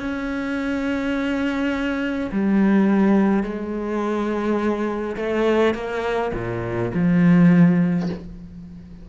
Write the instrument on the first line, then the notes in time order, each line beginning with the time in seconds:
cello
0.00 C#4
2.32 G3
3.44 G#3
5.17 A3
5.75 A#3
6.34 A#2
6.94 F3